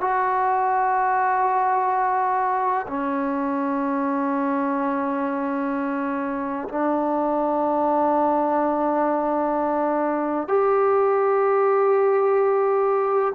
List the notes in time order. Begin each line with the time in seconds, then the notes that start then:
0.00 F#4
2.87 C#4
6.68 D4
10.47 G4